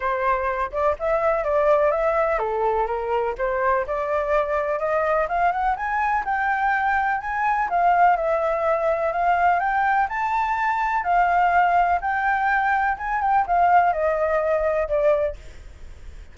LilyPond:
\new Staff \with { instrumentName = "flute" } { \time 4/4 \tempo 4 = 125 c''4. d''8 e''4 d''4 | e''4 a'4 ais'4 c''4 | d''2 dis''4 f''8 fis''8 | gis''4 g''2 gis''4 |
f''4 e''2 f''4 | g''4 a''2 f''4~ | f''4 g''2 gis''8 g''8 | f''4 dis''2 d''4 | }